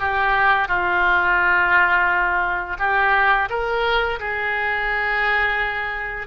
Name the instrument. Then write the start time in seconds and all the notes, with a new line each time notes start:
oboe
0.00 G4
0.68 F4
2.79 G4
3.50 A#4
4.20 G#4